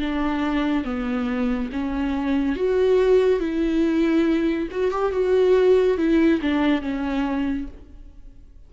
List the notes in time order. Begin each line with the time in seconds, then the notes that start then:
0.00 D4
0.85 B3
1.73 C#4
2.56 F#4
3.40 E4
4.71 F#4
4.92 G4
5.13 F#4
5.98 E4
6.42 D4
6.82 C#4